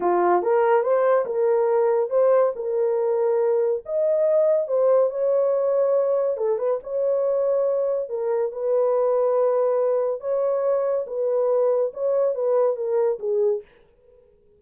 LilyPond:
\new Staff \with { instrumentName = "horn" } { \time 4/4 \tempo 4 = 141 f'4 ais'4 c''4 ais'4~ | ais'4 c''4 ais'2~ | ais'4 dis''2 c''4 | cis''2. a'8 b'8 |
cis''2. ais'4 | b'1 | cis''2 b'2 | cis''4 b'4 ais'4 gis'4 | }